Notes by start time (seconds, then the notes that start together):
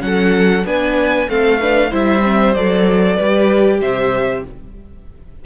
0.00 F#3 C#4 A4 F#5
0.64 B3 D4 B4 G#5
1.29 A3 C4 A4 F5
1.60 D4 B4
1.90 G3 E4 C5 E5
2.22 C4
2.54 F#3 A4 D5
3.15 G3 G4 B4
3.81 C3 C5 E5